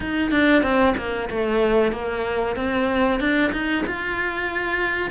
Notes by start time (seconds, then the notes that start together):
0.00 D#4
0.31 D4
0.62 C4
0.97 A#3
1.29 A3
1.91 A#3
2.56 C4
3.19 D4
3.52 D#4
3.86 F4